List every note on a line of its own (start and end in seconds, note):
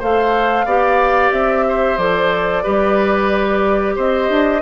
0.00 0.65 A3
0.00 0.67 A4
0.00 0.66 C5
0.00 1.33 F5
0.65 1.31 B3
0.65 1.99 G4
0.65 1.65 D5
1.32 1.98 C4
1.32 1.97 E5
1.69 2.63 C5
1.97 2.64 F3
1.97 2.64 A4
1.97 3.95 D5
2.63 3.97 G3
2.63 4.62 G4
2.63 3.95 B4
3.96 4.30 C4
3.96 4.62 C5
3.96 4.62 D#5
4.30 4.62 D4